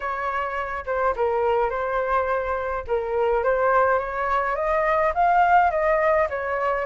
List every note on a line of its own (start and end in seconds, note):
0.00 0.84 C#5
0.86 1.14 C5
1.16 1.70 A#4
1.70 2.84 C5
2.87 3.43 A#4
3.43 3.98 C5
3.98 4.55 C#5
4.55 5.12 D#5
5.14 5.70 F5
5.70 6.28 D#5
6.29 6.85 C#5